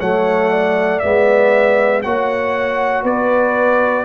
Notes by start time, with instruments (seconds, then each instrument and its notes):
0.00 tuba F#3, trombone A3, horn C#5, trumpet F#5
0.51 horn D5
1.00 tuba G#3, trombone B3, trumpet E5
2.03 tuba A#3, trombone F#4, horn C#5, trumpet F#5
3.03 tuba B3, horn B4, trumpet D5